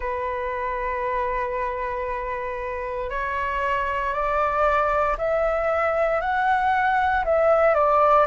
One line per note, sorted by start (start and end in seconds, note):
0.00 3.09 B4
3.09 4.13 C#5
4.13 5.16 D5
5.17 6.21 E5
6.21 7.24 F#5
7.24 7.74 E5
7.74 8.26 D5